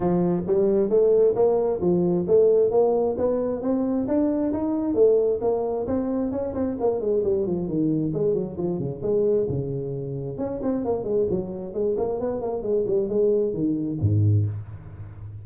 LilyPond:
\new Staff \with { instrumentName = "tuba" } { \time 4/4 \tempo 4 = 133 f4 g4 a4 ais4 | f4 a4 ais4 b4 | c'4 d'4 dis'4 a4 | ais4 c'4 cis'8 c'8 ais8 gis8 |
g8 f8 dis4 gis8 fis8 f8 cis8 | gis4 cis2 cis'8 c'8 | ais8 gis8 fis4 gis8 ais8 b8 ais8 | gis8 g8 gis4 dis4 gis,4 | }